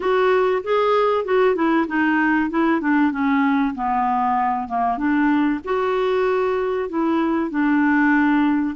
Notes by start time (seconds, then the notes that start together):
0.00 F#4
0.63 G#4
1.24 F#4
1.55 E4
1.88 D#4
2.50 E4
2.80 D4
3.11 C#4
3.74 B3
4.68 A#3
4.97 D4
5.64 F#4
6.89 E4
7.50 D4